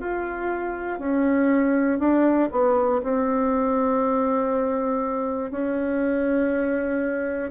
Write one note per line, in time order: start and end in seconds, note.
0.00 0.99 F4
0.99 1.99 C#4
1.99 2.49 D4
2.51 3.01 B3
3.03 5.51 C4
5.51 7.51 C#4